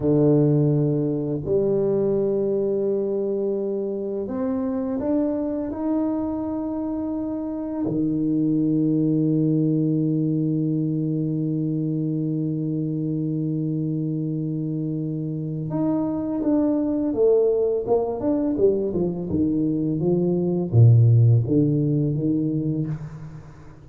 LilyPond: \new Staff \with { instrumentName = "tuba" } { \time 4/4 \tempo 4 = 84 d2 g2~ | g2 c'4 d'4 | dis'2. dis4~ | dis1~ |
dis1~ | dis2 dis'4 d'4 | a4 ais8 d'8 g8 f8 dis4 | f4 ais,4 d4 dis4 | }